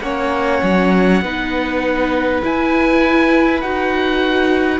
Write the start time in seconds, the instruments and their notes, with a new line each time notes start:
0.00 cello A#3, viola C#4, violin C#5, oboe F#5
0.62 cello F#3
1.21 cello B3, viola D#4, violin B4
2.42 viola E4, cello E4, oboe G#5
3.60 cello D#4, viola F#4, oboe F#5